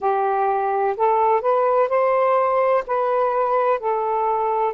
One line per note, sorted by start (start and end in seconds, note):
0.00 0.96 G4
0.97 1.41 A4
1.41 1.88 B4
1.88 2.84 C5
2.87 3.79 B4
3.79 4.73 A4